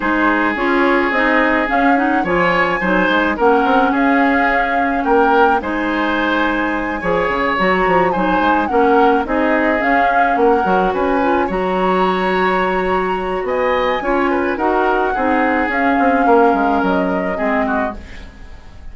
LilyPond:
<<
  \new Staff \with { instrumentName = "flute" } { \time 4/4 \tempo 4 = 107 c''4 cis''4 dis''4 f''8 fis''8 | gis''2 fis''4 f''4~ | f''4 g''4 gis''2~ | gis''4. ais''4 gis''4 fis''8~ |
fis''8 dis''4 f''4 fis''4 gis''8~ | gis''8 ais''2.~ ais''8 | gis''2 fis''2 | f''2 dis''2 | }
  \new Staff \with { instrumentName = "oboe" } { \time 4/4 gis'1 | cis''4 c''4 ais'4 gis'4~ | gis'4 ais'4 c''2~ | c''8 cis''2 c''4 ais'8~ |
ais'8 gis'2 ais'4 b'8~ | b'8 cis''2.~ cis''8 | dis''4 cis''8 b'8 ais'4 gis'4~ | gis'4 ais'2 gis'8 fis'8 | }
  \new Staff \with { instrumentName = "clarinet" } { \time 4/4 dis'4 f'4 dis'4 cis'8 dis'8 | f'4 dis'4 cis'2~ | cis'2 dis'2~ | dis'8 gis'4 fis'4 dis'4 cis'8~ |
cis'8 dis'4 cis'4. fis'4 | f'8 fis'2.~ fis'8~ | fis'4 f'4 fis'4 dis'4 | cis'2. c'4 | }
  \new Staff \with { instrumentName = "bassoon" } { \time 4/4 gis4 cis'4 c'4 cis'4 | f4 fis8 gis8 ais8 c'8 cis'4~ | cis'4 ais4 gis2~ | gis8 f8 cis8 fis8 f8 fis8 gis8 ais8~ |
ais8 c'4 cis'4 ais8 fis8 cis'8~ | cis'8 fis2.~ fis8 | b4 cis'4 dis'4 c'4 | cis'8 c'8 ais8 gis8 fis4 gis4 | }
>>